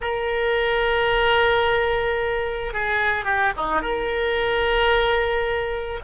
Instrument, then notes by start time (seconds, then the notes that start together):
oboe
0.01 A#4
2.73 G#4
3.25 G4
3.57 D#4
3.81 A#4